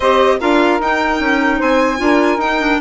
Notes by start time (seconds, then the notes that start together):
0.00 C4 G4 C5 D#5
0.39 D4 F4 A#4 F5
0.80 D#4 G5
1.20 C#4
1.58 C4 C5 G#5
1.97 D4 F4 A#4
2.37 D#4 G5
2.60 D4